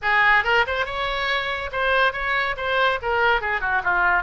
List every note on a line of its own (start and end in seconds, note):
0.02 0.44 G#4
0.44 0.65 A#4
0.66 0.85 C5
0.85 1.70 C#5
1.71 2.13 C5
2.13 2.55 C#5
2.56 2.99 C5
3.01 3.41 A#4
3.41 3.60 G#4
3.60 3.82 F#4
3.83 4.23 F4